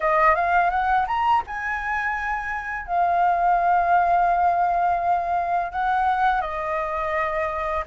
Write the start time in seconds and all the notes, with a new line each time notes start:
0.00 D#5
0.35 F5
0.70 F#5
1.07 A#5
1.46 G#5
2.86 F5
5.72 F#5
6.41 D#5